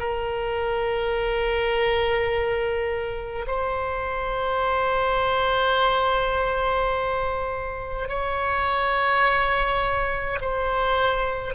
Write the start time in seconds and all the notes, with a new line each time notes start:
0.00 A#4
3.48 C5
8.09 C#5
10.42 C5